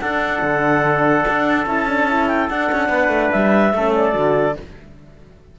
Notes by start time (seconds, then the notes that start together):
0.00 D4 A4 F#5
0.42 D3
1.28 D4
1.66 C#4 E4 A5
1.88 D4
2.08 E4
2.27 G5
2.49 D4 F#5
2.72 C#4
2.88 B3 B4
3.08 A3
3.31 G3 E5
3.73 A3 C#4 A4
3.95 D5
4.13 D3 F#4